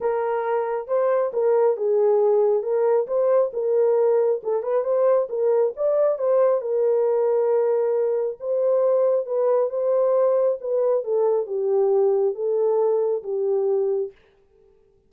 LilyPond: \new Staff \with { instrumentName = "horn" } { \time 4/4 \tempo 4 = 136 ais'2 c''4 ais'4 | gis'2 ais'4 c''4 | ais'2 a'8 b'8 c''4 | ais'4 d''4 c''4 ais'4~ |
ais'2. c''4~ | c''4 b'4 c''2 | b'4 a'4 g'2 | a'2 g'2 | }